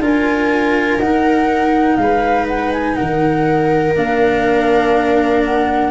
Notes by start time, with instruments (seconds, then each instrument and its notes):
0.00 tuba D4, cello F4, viola A#4, flute G#5
0.99 tuba D#4, cello D#4, flute F#5
1.97 tuba G#3, viola B4, flute F5
2.48 flute F#5
2.73 flute G#5
2.95 tuba D#3, viola A#4, flute F#5
3.96 tuba A#3, cello D4, flute F5
5.45 flute F#5